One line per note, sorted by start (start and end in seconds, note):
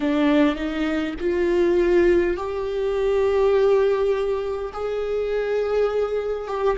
0.00 0.56 D4
0.56 1.14 D#4
1.20 2.36 F4
2.36 4.72 G4
4.73 6.47 G#4
6.47 6.76 G4